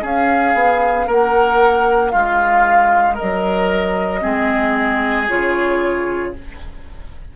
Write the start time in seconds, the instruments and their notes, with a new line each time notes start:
0.00 clarinet C#4, bassoon C#4, oboe G#4, flute F5
0.54 bassoon B3
1.06 bassoon A#3, oboe A#4, flute F#5
2.10 bassoon G#3, oboe F4, flute F5
3.14 oboe A#4, flute D#5
3.22 bassoon F#3
4.21 bassoon G#3, clarinet C4, oboe G#4
5.28 bassoon C#3, clarinet F4, flute C#5